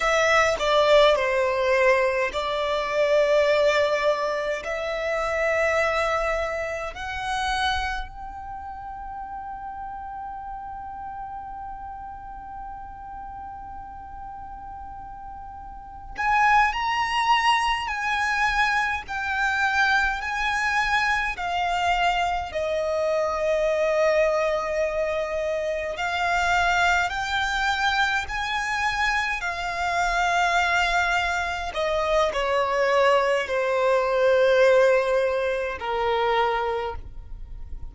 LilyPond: \new Staff \with { instrumentName = "violin" } { \time 4/4 \tempo 4 = 52 e''8 d''8 c''4 d''2 | e''2 fis''4 g''4~ | g''1~ | g''2 gis''8 ais''4 gis''8~ |
gis''8 g''4 gis''4 f''4 dis''8~ | dis''2~ dis''8 f''4 g''8~ | g''8 gis''4 f''2 dis''8 | cis''4 c''2 ais'4 | }